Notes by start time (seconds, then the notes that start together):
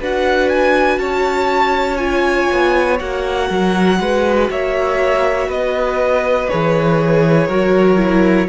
0.00 D4 F#4 B4 F#5
0.50 G#5
0.98 C#4 C#5 A5
1.97 F4 G#5
2.52 B3
3.00 A#3 F#4 F#5
3.49 F#3 A#4
4.00 G#3 B4
4.50 A#3 C#5 E5
5.49 B3 B4 D#5
6.49 E3 G#4 C#5
7.48 F#3 F#4 A#4
7.97 E4